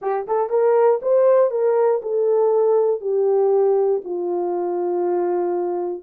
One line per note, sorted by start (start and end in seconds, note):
0.01 0.26 G4
0.27 0.49 A4
0.49 0.99 A#4
1.02 1.51 C5
1.51 2.01 A#4
2.02 3.00 A4
3.00 4.01 G4
4.04 6.03 F4